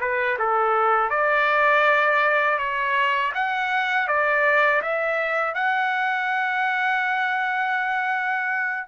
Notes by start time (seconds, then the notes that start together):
0.00 B4
0.38 A4
1.10 D5
2.58 C#5
3.34 F#5
4.07 D5
4.82 E5
5.54 F#5